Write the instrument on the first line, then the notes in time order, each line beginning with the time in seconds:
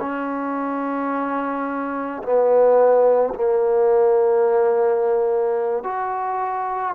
trombone
0.00 C#4
2.22 B3
3.34 A#3
5.83 F#4